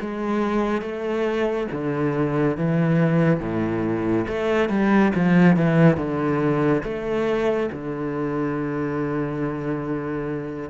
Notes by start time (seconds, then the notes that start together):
0.00 G#3
0.81 A3
1.71 D3
2.57 E3
3.40 A2
4.27 A3
4.69 G3
5.15 F3
5.56 E3
5.96 D3
6.83 A3
7.72 D3